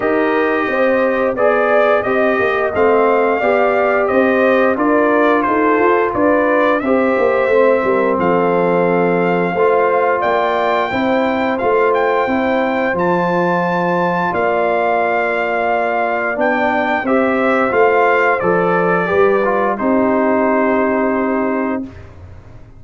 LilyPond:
<<
  \new Staff \with { instrumentName = "trumpet" } { \time 4/4 \tempo 4 = 88 dis''2 d''4 dis''4 | f''2 dis''4 d''4 | c''4 d''4 e''2 | f''2. g''4~ |
g''4 f''8 g''4. a''4~ | a''4 f''2. | g''4 e''4 f''4 d''4~ | d''4 c''2. | }
  \new Staff \with { instrumentName = "horn" } { \time 4/4 ais'4 c''4 d''4 dis''4~ | dis''4 d''4 c''4 ais'4 | a'4 b'4 c''4. ais'8 | a'2 c''4 d''4 |
c''1~ | c''4 d''2.~ | d''4 c''2. | b'4 g'2. | }
  \new Staff \with { instrumentName = "trombone" } { \time 4/4 g'2 gis'4 g'4 | c'4 g'2 f'4~ | f'2 g'4 c'4~ | c'2 f'2 |
e'4 f'4 e'4 f'4~ | f'1 | d'4 g'4 f'4 a'4 | g'8 f'8 dis'2. | }
  \new Staff \with { instrumentName = "tuba" } { \time 4/4 dis'4 c'4 b4 c'8 ais8 | a4 b4 c'4 d'4 | dis'8 f'8 d'4 c'8 ais8 a8 g8 | f2 a4 ais4 |
c'4 a4 c'4 f4~ | f4 ais2. | b4 c'4 a4 f4 | g4 c'2. | }
>>